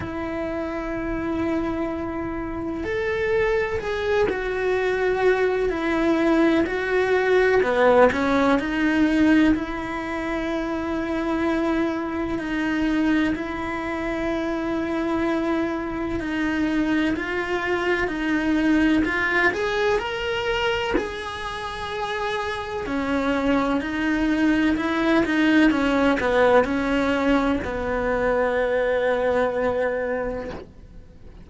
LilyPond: \new Staff \with { instrumentName = "cello" } { \time 4/4 \tempo 4 = 63 e'2. a'4 | gis'8 fis'4. e'4 fis'4 | b8 cis'8 dis'4 e'2~ | e'4 dis'4 e'2~ |
e'4 dis'4 f'4 dis'4 | f'8 gis'8 ais'4 gis'2 | cis'4 dis'4 e'8 dis'8 cis'8 b8 | cis'4 b2. | }